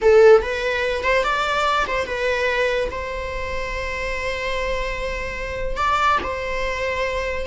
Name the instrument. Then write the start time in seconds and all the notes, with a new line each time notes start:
viola
0.01 A4
0.42 B4
1.03 C5
1.23 D5
1.87 C5
2.06 B4
2.90 C5
5.76 D5
6.23 C5